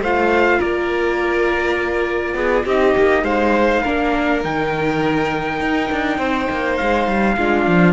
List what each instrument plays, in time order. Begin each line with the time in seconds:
0.00 cello A3, viola F4, violin C5, trumpet F5
0.59 cello A#3, violin A#4, trumpet D5
2.34 cello B3, violin G#4
2.65 cello C4, viola D#4, violin G4, trumpet D#5
2.97 cello A#3
3.23 cello G#3, violin C5, trumpet F5
3.82 cello A#3, viola D4, violin A#4
4.43 cello D#3, viola D#4, trumpet G5
5.60 cello D#4
5.92 cello D4
6.18 cello C4, violin C5
6.50 cello A#3
6.77 cello G#3, trumpet F5
7.07 cello G3
7.37 cello G#3, viola D4, violin F4
7.67 cello F3